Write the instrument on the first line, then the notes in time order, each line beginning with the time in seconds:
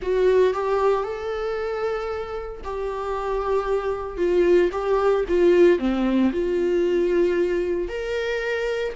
viola
0.01 F#4
0.53 G4
1.03 A4
2.64 G4
4.17 F4
4.72 G4
5.28 F4
5.78 C4
6.32 F4
7.88 A#4